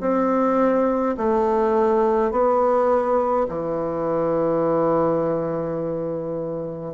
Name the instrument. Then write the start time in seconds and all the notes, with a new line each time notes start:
bassoon
0.00 C4
1.17 A3
2.31 B3
3.48 E3